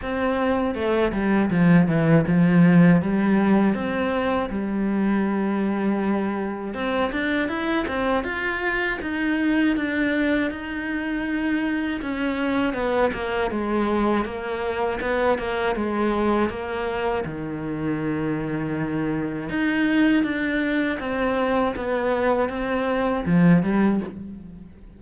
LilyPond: \new Staff \with { instrumentName = "cello" } { \time 4/4 \tempo 4 = 80 c'4 a8 g8 f8 e8 f4 | g4 c'4 g2~ | g4 c'8 d'8 e'8 c'8 f'4 | dis'4 d'4 dis'2 |
cis'4 b8 ais8 gis4 ais4 | b8 ais8 gis4 ais4 dis4~ | dis2 dis'4 d'4 | c'4 b4 c'4 f8 g8 | }